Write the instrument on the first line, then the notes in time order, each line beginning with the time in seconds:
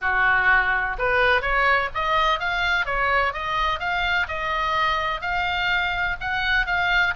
oboe
0.01 F#4
0.98 B4
1.41 C#5
1.94 D#5
2.39 F5
2.85 C#5
3.33 D#5
3.79 F5
4.27 D#5
5.21 F5
6.20 F#5
6.66 F5